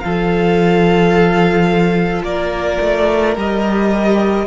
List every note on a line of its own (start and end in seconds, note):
0.00 2.23 F3
0.00 3.37 F4
0.00 2.25 A4
0.00 2.22 F5
2.23 2.78 A#3
2.23 4.47 A#4
2.23 3.36 D5
2.81 3.36 A3
3.37 4.47 G3
3.37 4.47 G4
3.37 4.47 D#5